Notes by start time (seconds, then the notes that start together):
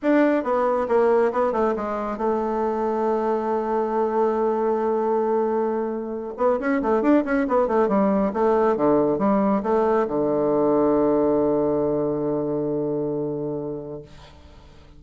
0.02 D4
0.43 B3
0.88 A#3
1.32 B3
1.52 A3
1.75 G#3
2.17 A3
6.37 B3
6.59 C#4
6.82 A3
7.02 D4
7.25 C#4
7.48 B3
7.67 A3
7.88 G3
8.33 A3
8.76 D3
9.18 G3
9.63 A3
10.07 D3